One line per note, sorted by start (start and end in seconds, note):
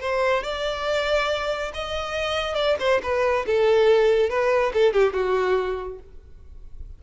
0.00 0.43 C5
0.43 1.72 D5
1.74 2.55 D#5
2.55 2.76 D5
2.79 3.01 C5
3.02 3.45 B4
3.46 4.29 A4
4.29 4.72 B4
4.73 4.93 A4
4.93 5.13 G4
5.13 5.99 F#4